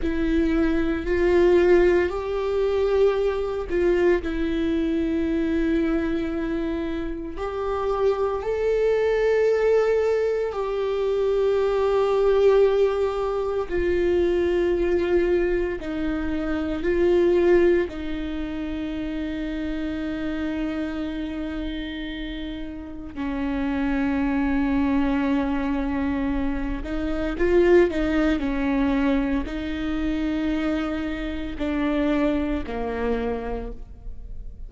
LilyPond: \new Staff \with { instrumentName = "viola" } { \time 4/4 \tempo 4 = 57 e'4 f'4 g'4. f'8 | e'2. g'4 | a'2 g'2~ | g'4 f'2 dis'4 |
f'4 dis'2.~ | dis'2 cis'2~ | cis'4. dis'8 f'8 dis'8 cis'4 | dis'2 d'4 ais4 | }